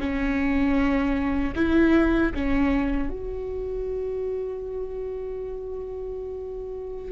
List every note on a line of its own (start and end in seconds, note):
0.00 1.54 C#4
1.56 2.33 E4
2.35 3.09 C#4
3.09 7.12 F#4